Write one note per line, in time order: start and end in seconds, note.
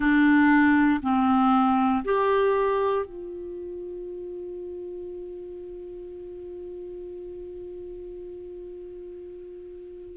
0.00 1.00 D4
1.02 2.03 C4
2.04 3.05 G4
3.05 10.16 F4